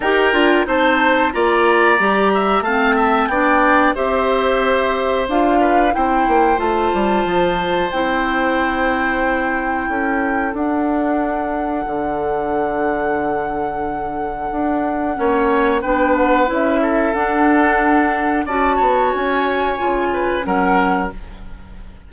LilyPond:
<<
  \new Staff \with { instrumentName = "flute" } { \time 4/4 \tempo 4 = 91 g''4 a''4 ais''2 | a''4 g''4 e''2 | f''4 g''4 a''2 | g''1 |
fis''1~ | fis''1 | g''8 fis''8 e''4 fis''2 | a''4 gis''2 fis''4 | }
  \new Staff \with { instrumentName = "oboe" } { \time 4/4 ais'4 c''4 d''4. e''8 | f''8 e''8 d''4 c''2~ | c''8 b'8 c''2.~ | c''2. a'4~ |
a'1~ | a'2. cis''4 | b'4. a'2~ a'8 | d''8 cis''2 b'8 ais'4 | }
  \new Staff \with { instrumentName = "clarinet" } { \time 4/4 g'8 f'8 dis'4 f'4 g'4 | c'4 d'4 g'2 | f'4 e'4 f'2 | e'1 |
d'1~ | d'2. cis'4 | d'4 e'4 d'2 | fis'2 f'4 cis'4 | }
  \new Staff \with { instrumentName = "bassoon" } { \time 4/4 dis'8 d'8 c'4 ais4 g4 | a4 b4 c'2 | d'4 c'8 ais8 a8 g8 f4 | c'2. cis'4 |
d'2 d2~ | d2 d'4 ais4 | b4 cis'4 d'2 | cis'8 b8 cis'4 cis4 fis4 | }
>>